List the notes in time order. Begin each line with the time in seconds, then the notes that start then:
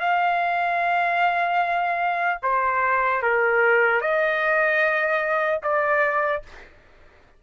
0.00 F5
2.42 C5
3.23 A#4
4.01 D#5
5.63 D5